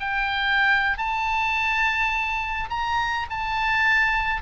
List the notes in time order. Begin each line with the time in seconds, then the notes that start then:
0.00 G5
0.98 A5
2.70 A#5
3.30 A5